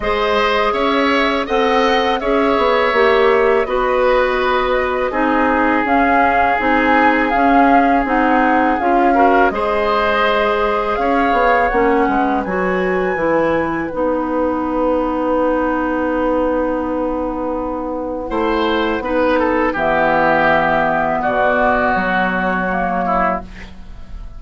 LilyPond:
<<
  \new Staff \with { instrumentName = "flute" } { \time 4/4 \tempo 4 = 82 dis''4 e''4 fis''4 e''4~ | e''4 dis''2. | f''4 gis''4 f''4 fis''4 | f''4 dis''2 f''4 |
fis''4 gis''2 fis''4~ | fis''1~ | fis''2. e''4~ | e''4 d''4 cis''2 | }
  \new Staff \with { instrumentName = "oboe" } { \time 4/4 c''4 cis''4 dis''4 cis''4~ | cis''4 b'2 gis'4~ | gis'1~ | gis'8 ais'8 c''2 cis''4~ |
cis''8 b'2.~ b'8~ | b'1~ | b'4 c''4 b'8 a'8 g'4~ | g'4 fis'2~ fis'8 e'8 | }
  \new Staff \with { instrumentName = "clarinet" } { \time 4/4 gis'2 a'4 gis'4 | g'4 fis'2 dis'4 | cis'4 dis'4 cis'4 dis'4 | f'8 fis'8 gis'2. |
cis'4 fis'4 e'4 dis'4~ | dis'1~ | dis'4 e'4 dis'4 b4~ | b2. ais4 | }
  \new Staff \with { instrumentName = "bassoon" } { \time 4/4 gis4 cis'4 c'4 cis'8 b8 | ais4 b2 c'4 | cis'4 c'4 cis'4 c'4 | cis'4 gis2 cis'8 b8 |
ais8 gis8 fis4 e4 b4~ | b1~ | b4 a4 b4 e4~ | e4 b,4 fis2 | }
>>